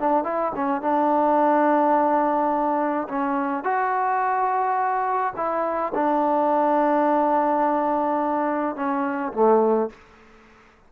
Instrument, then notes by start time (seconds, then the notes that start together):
trombone
0.00 D4
0.24 E4
0.55 C#4
0.82 D4
3.09 C#4
3.64 F#4
5.36 E4
5.95 D4
8.76 C#4
9.33 A3